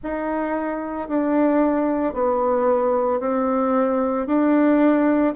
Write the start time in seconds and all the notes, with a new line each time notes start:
0.03 D#4
1.08 D4
2.13 B3
3.19 C4
4.27 D4